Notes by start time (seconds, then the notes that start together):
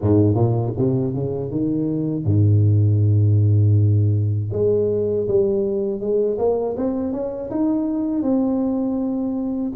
0.01 G#2
0.34 A#2
0.77 C3
1.14 C#3
1.50 D#3
2.24 G#2
4.52 G#3
5.28 G3
6.00 G#3
6.38 A#3
6.77 C4
7.12 C#4
7.50 D#4
8.22 C4